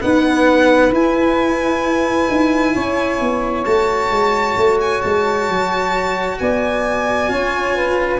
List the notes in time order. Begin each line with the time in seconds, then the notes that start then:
0.00 B3 D#4 B4 F#5
0.91 E4 G#5
2.29 D#4
2.73 C#4 C#5
3.20 B3
3.64 A3 F#4 A5
4.11 G#3
4.57 A3
4.80 G#5
5.01 G#3 A5
5.48 F#3
6.38 B3 D5 G#5
7.28 C#4 F4 C#5
7.75 B4